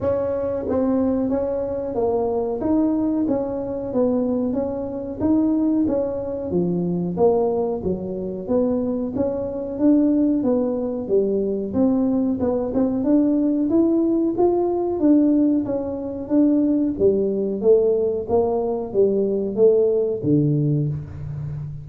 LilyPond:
\new Staff \with { instrumentName = "tuba" } { \time 4/4 \tempo 4 = 92 cis'4 c'4 cis'4 ais4 | dis'4 cis'4 b4 cis'4 | dis'4 cis'4 f4 ais4 | fis4 b4 cis'4 d'4 |
b4 g4 c'4 b8 c'8 | d'4 e'4 f'4 d'4 | cis'4 d'4 g4 a4 | ais4 g4 a4 d4 | }